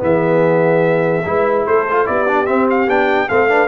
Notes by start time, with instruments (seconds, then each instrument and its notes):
0.00 tuba E3, trombone B3, horn G#4, trumpet E5
1.26 tuba G#3, trombone E4, horn B4
1.66 tuba A3, horn A4, trumpet C5
1.91 trombone F4
2.06 tuba B3, trombone E4, horn G4, trumpet D5
2.28 trombone D4
2.46 trombone C4, tuba C4, trumpet E5
2.70 trumpet F5
2.87 tuba B3, trombone D4, trumpet G5
3.29 tuba A3, trombone C4, horn A4, trumpet F5
3.49 trombone D4, horn B4